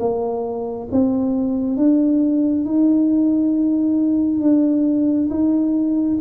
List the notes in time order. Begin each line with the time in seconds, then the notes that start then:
0.00 A#3
0.92 C4
1.77 D4
2.66 D#4
4.41 D4
5.30 D#4